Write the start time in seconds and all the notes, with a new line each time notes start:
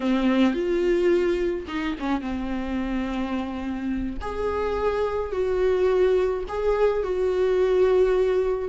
0.00 C4
0.54 F4
1.67 D#4
1.99 C#4
2.21 C4
4.21 G#4
5.31 F#4
6.48 G#4
7.03 F#4